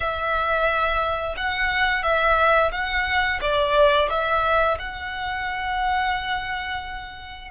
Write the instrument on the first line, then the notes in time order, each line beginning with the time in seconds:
violin
0.00 E5
1.36 F#5
2.03 E5
2.71 F#5
3.41 D5
4.09 E5
4.79 F#5